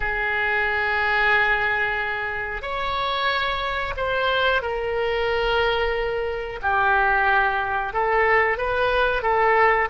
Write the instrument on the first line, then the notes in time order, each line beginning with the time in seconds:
oboe
0.00 G#4
2.61 C#5
3.96 C5
4.62 A#4
6.61 G4
7.93 A4
8.57 B4
9.22 A4